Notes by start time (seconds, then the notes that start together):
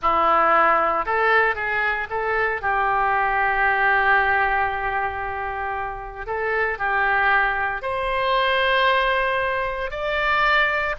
0.02 E4
1.05 A4
1.55 G#4
2.10 A4
2.61 G4
6.26 A4
6.78 G4
7.82 C5
9.91 D5